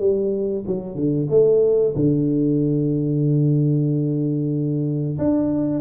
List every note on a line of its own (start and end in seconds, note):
0.00 0.65 G3
0.67 0.96 F#3
0.96 1.28 D3
1.30 1.95 A3
1.96 5.18 D3
5.18 5.82 D4